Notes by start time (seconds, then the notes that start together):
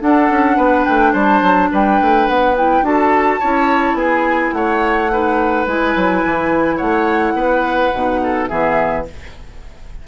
0.00 D4 A4 F#5
0.30 C#4
0.57 B3 B4
0.84 A3 G5
1.12 G3 C5 A5
1.42 F#3
1.71 G3 B4 G5
2.01 A3
2.27 B3 F#5
2.56 E4 G5
2.82 D4 F#4 A4 A5
3.40 C#4 E4 C#5
3.94 B3 G#4 G#5
4.53 A3 C#5 F#5
5.10 D#4 B4
5.66 G#3 E4 G#5
5.96 F#3
6.25 E3
6.76 A3 C#5 F#5
7.34 B3 B4
7.94 B2 D#4
8.23 A4
8.48 E3 B3 G#4 E5